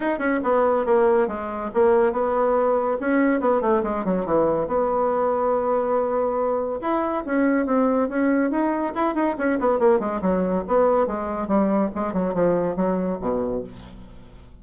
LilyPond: \new Staff \with { instrumentName = "bassoon" } { \time 4/4 \tempo 4 = 141 dis'8 cis'8 b4 ais4 gis4 | ais4 b2 cis'4 | b8 a8 gis8 fis8 e4 b4~ | b1 |
e'4 cis'4 c'4 cis'4 | dis'4 e'8 dis'8 cis'8 b8 ais8 gis8 | fis4 b4 gis4 g4 | gis8 fis8 f4 fis4 b,4 | }